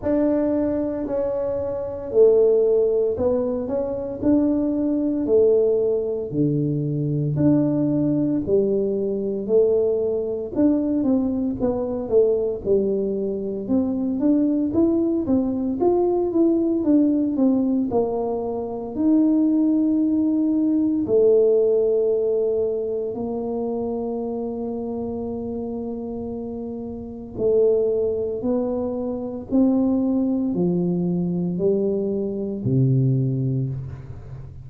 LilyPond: \new Staff \with { instrumentName = "tuba" } { \time 4/4 \tempo 4 = 57 d'4 cis'4 a4 b8 cis'8 | d'4 a4 d4 d'4 | g4 a4 d'8 c'8 b8 a8 | g4 c'8 d'8 e'8 c'8 f'8 e'8 |
d'8 c'8 ais4 dis'2 | a2 ais2~ | ais2 a4 b4 | c'4 f4 g4 c4 | }